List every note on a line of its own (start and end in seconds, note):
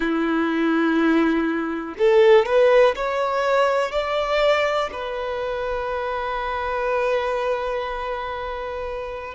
0.00 1.94 E4
1.98 2.45 A4
2.45 2.94 B4
2.95 3.91 C#5
3.91 4.90 D5
4.92 9.34 B4